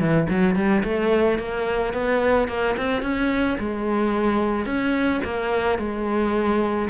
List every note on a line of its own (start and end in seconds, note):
0.00 0.28 E3
0.30 0.56 F#3
0.56 0.83 G3
0.84 1.39 A3
1.39 1.94 A#3
1.94 2.48 B3
2.48 2.76 A#3
2.77 3.03 C4
3.03 3.58 C#4
3.60 4.66 G#3
4.66 5.21 C#4
5.25 5.79 A#3
5.79 6.89 G#3